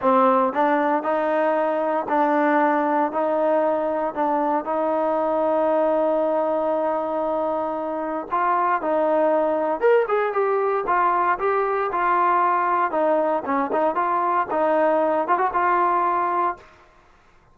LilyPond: \new Staff \with { instrumentName = "trombone" } { \time 4/4 \tempo 4 = 116 c'4 d'4 dis'2 | d'2 dis'2 | d'4 dis'2.~ | dis'1 |
f'4 dis'2 ais'8 gis'8 | g'4 f'4 g'4 f'4~ | f'4 dis'4 cis'8 dis'8 f'4 | dis'4. f'16 fis'16 f'2 | }